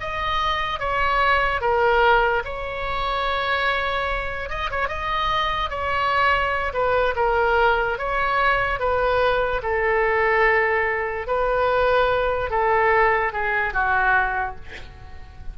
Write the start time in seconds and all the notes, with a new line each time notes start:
0.00 D#5
0.79 C#5
1.61 A#4
2.44 C#5
4.49 D#5
4.70 C#5
4.88 D#5
5.69 C#5
6.73 B4
7.15 A#4
7.98 C#5
8.79 B4
9.62 A4
11.26 B4
12.50 A4
13.32 G#4
13.73 F#4